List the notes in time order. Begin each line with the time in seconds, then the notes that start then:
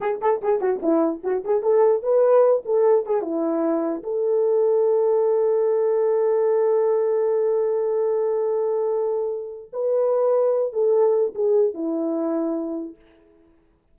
0.00 G#4
0.21 A4
0.41 G#4
0.60 F#4
0.82 E4
1.23 F#4
1.44 G#4
1.62 A4
2.03 B4
2.65 A4
3.06 G#4
3.21 E4
4.03 A4
9.72 B4
10.72 A4
11.35 G#4
11.73 E4